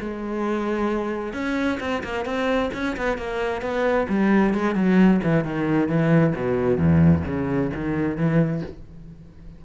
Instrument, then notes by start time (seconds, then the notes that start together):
cello
0.00 G#3
1.33 C#4
1.80 C4
2.04 A#3
2.25 C4
2.74 C#4
2.97 B3
3.18 A#3
3.62 B3
4.09 G3
4.54 G#3
4.75 F#3
5.23 E3
5.45 D#3
5.89 E3
6.36 B2
6.78 E2
7.25 C#3
7.75 D#3
8.17 E3